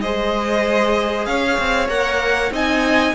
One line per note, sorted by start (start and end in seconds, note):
0.00 1.26 G#3
0.00 1.89 G#4
0.00 1.27 C5
0.00 1.25 D#5
1.25 1.57 C#4
1.25 2.52 C#5
1.25 1.88 F5
1.58 1.88 C4
1.88 2.50 A#3
1.88 2.51 A#4
1.88 2.52 F#5
2.50 3.13 C4
2.50 3.13 D#4
2.50 3.14 D#5
2.50 3.14 G#5